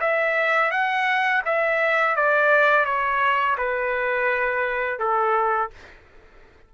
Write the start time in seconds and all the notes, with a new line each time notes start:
0.00 E5
0.71 F#5
1.45 E5
2.16 D5
2.85 C#5
3.58 B4
4.99 A4